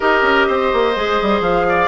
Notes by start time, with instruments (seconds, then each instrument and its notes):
0.00 bassoon D#4, clarinet G4, oboe A#4, flute D#5
0.22 bassoon C#4
0.47 bassoon C4, oboe C5
0.72 bassoon A#3
0.95 bassoon G#3, clarinet G#4
1.21 bassoon G3
1.40 bassoon F3, flute F5
1.68 oboe D5